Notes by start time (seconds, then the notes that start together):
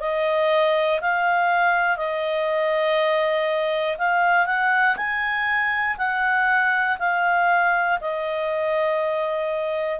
0.00 D#5
1.01 F5
1.97 D#5
3.98 F5
4.46 F#5
4.96 G#5
5.98 F#5
6.99 F5
8.00 D#5